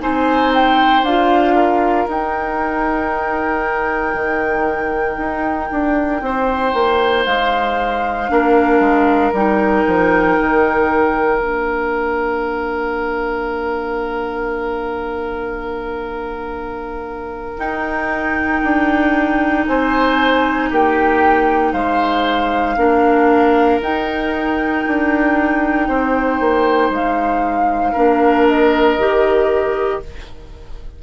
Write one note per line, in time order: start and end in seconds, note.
0.00 1.02 C4
0.00 1.03 D#4
0.00 1.55 C5
0.00 0.52 G#5
0.54 1.04 G5
1.02 2.06 D4
1.02 2.08 F4
1.02 2.08 F5
1.55 6.20 A#4
2.08 4.14 D#4
2.08 8.28 D#4
2.08 7.25 G5
4.14 5.17 D#3
5.17 5.69 D#4
5.71 6.21 D4
6.21 6.73 C4
6.21 8.31 C5
6.73 7.25 A#3
7.25 8.29 G#3
7.25 9.32 F5
8.28 8.79 A#3
8.28 9.32 D4
8.28 19.69 A#4
8.79 9.31 G#3
9.32 9.84 G3
9.32 11.38 D#4
9.32 11.38 G5
9.87 10.38 F3
10.39 11.40 D#3
11.38 17.58 A#3
11.38 17.58 D4
11.38 17.58 F5
17.58 18.61 D#4
17.58 22.75 D#4
17.58 19.65 G5
18.63 19.67 D4
19.67 20.70 C4
19.67 20.69 C5
19.67 20.70 G#5
20.69 21.73 A#3
20.69 21.72 G4
20.69 21.73 G5
21.72 22.76 G#3
21.72 22.76 C5
21.72 23.80 F5
22.76 23.80 A#3
22.76 23.81 D4
22.76 25.87 A#4
23.80 24.84 D#4
23.80 27.96 D#4
23.80 26.93 G5
24.87 25.88 D4
25.87 26.39 C4
25.87 27.92 C5
26.39 26.89 A#3
26.89 27.93 G#3
26.89 28.47 F5
27.92 28.97 A#3
27.92 28.99 D4
27.92 29.99 A#4
28.47 30.02 D#5
28.97 30.01 D#3
28.97 30.02 G4